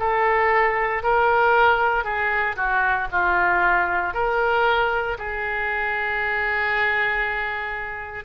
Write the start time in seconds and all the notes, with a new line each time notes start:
0.00 A4
1.03 A#4
2.05 G#4
2.57 F#4
3.12 F4
4.14 A#4
5.19 G#4